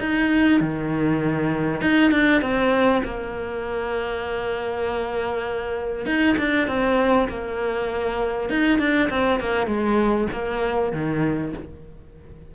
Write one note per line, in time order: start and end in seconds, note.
0.00 0.60 D#4
0.60 1.81 D#3
1.81 2.11 D#4
2.11 2.41 D4
2.41 3.02 C4
3.04 6.06 A#3
6.06 6.36 D#4
6.38 6.67 D4
6.67 7.28 C4
7.28 8.50 A#3
8.50 8.79 D#4
8.79 9.09 D4
9.09 9.40 C4
9.40 9.67 A#3
9.67 10.27 G#3
10.32 10.92 A#3
10.92 11.53 D#3